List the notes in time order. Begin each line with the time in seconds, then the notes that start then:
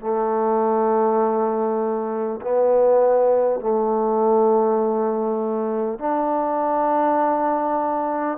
0.00 A3
2.41 B3
3.59 A3
5.98 D4